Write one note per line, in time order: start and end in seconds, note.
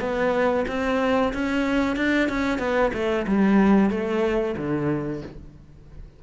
0.00 0.65 B3
0.68 1.33 C4
1.33 1.96 C#4
1.96 2.29 D4
2.29 2.58 C#4
2.58 2.91 B3
2.93 3.26 A3
3.27 3.90 G3
3.90 4.55 A3
4.57 5.22 D3